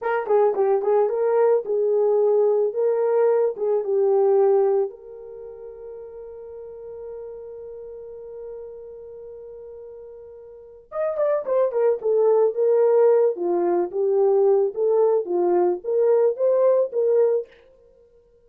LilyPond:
\new Staff \with { instrumentName = "horn" } { \time 4/4 \tempo 4 = 110 ais'8 gis'8 g'8 gis'8 ais'4 gis'4~ | gis'4 ais'4. gis'8 g'4~ | g'4 ais'2.~ | ais'1~ |
ais'1 | dis''8 d''8 c''8 ais'8 a'4 ais'4~ | ais'8 f'4 g'4. a'4 | f'4 ais'4 c''4 ais'4 | }